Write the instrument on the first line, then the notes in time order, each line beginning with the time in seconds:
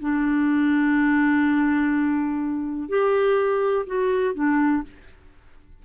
clarinet
0.00 D4
2.89 G4
3.86 F#4
4.35 D4